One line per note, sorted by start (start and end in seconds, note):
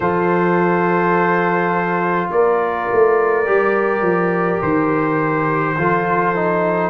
0.00 2.28 F3
0.00 3.45 F4
0.00 2.30 A4
0.00 2.30 C5
2.30 2.88 A#3
2.30 5.78 A#4
2.30 4.62 D5
2.92 3.48 A3
3.45 4.01 G3
3.45 5.76 G4
4.01 4.58 F3
4.62 5.78 D#3
4.62 6.90 C5
5.77 6.90 F3
5.77 6.35 F4
5.77 6.90 A4
6.35 6.90 D#4